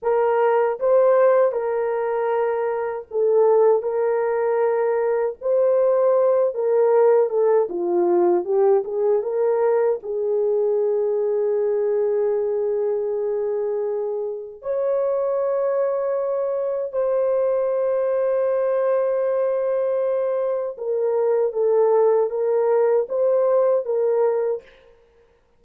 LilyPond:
\new Staff \with { instrumentName = "horn" } { \time 4/4 \tempo 4 = 78 ais'4 c''4 ais'2 | a'4 ais'2 c''4~ | c''8 ais'4 a'8 f'4 g'8 gis'8 | ais'4 gis'2.~ |
gis'2. cis''4~ | cis''2 c''2~ | c''2. ais'4 | a'4 ais'4 c''4 ais'4 | }